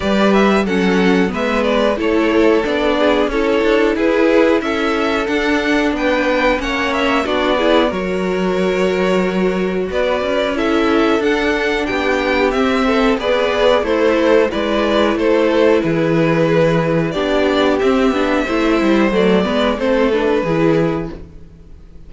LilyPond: <<
  \new Staff \with { instrumentName = "violin" } { \time 4/4 \tempo 4 = 91 d''8 e''8 fis''4 e''8 d''8 cis''4 | d''4 cis''4 b'4 e''4 | fis''4 g''4 fis''8 e''8 d''4 | cis''2. d''4 |
e''4 fis''4 g''4 e''4 | d''4 c''4 d''4 c''4 | b'2 d''4 e''4~ | e''4 d''4 c''8 b'4. | }
  \new Staff \with { instrumentName = "violin" } { \time 4/4 b'4 a'4 b'4 a'4~ | a'8 gis'8 a'4 gis'4 a'4~ | a'4 b'4 cis''4 fis'8 gis'8 | ais'2. b'4 |
a'2 g'4. a'8 | b'4 e'4 b'4 a'4 | gis'2 g'2 | c''4. b'8 a'4 gis'4 | }
  \new Staff \with { instrumentName = "viola" } { \time 4/4 g'4 cis'4 b4 e'4 | d'4 e'2. | d'2 cis'4 d'8 e'8 | fis'1 |
e'4 d'2 c'4 | gis'4 a'4 e'2~ | e'2 d'4 c'8 d'8 | e'4 a8 b8 c'8 d'8 e'4 | }
  \new Staff \with { instrumentName = "cello" } { \time 4/4 g4 fis4 gis4 a4 | b4 cis'8 d'8 e'4 cis'4 | d'4 b4 ais4 b4 | fis2. b8 cis'8~ |
cis'4 d'4 b4 c'4 | b4 a4 gis4 a4 | e2 b4 c'8 b8 | a8 g8 fis8 gis8 a4 e4 | }
>>